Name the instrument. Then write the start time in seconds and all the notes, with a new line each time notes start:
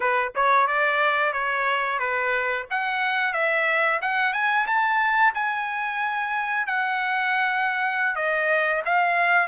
trumpet
0.00 B4
0.35 C#5
0.67 D5
1.32 C#5
1.99 B4
2.70 F#5
3.33 E5
4.01 F#5
4.33 G#5
4.67 A5
5.34 G#5
6.66 F#5
8.15 D#5
8.85 F5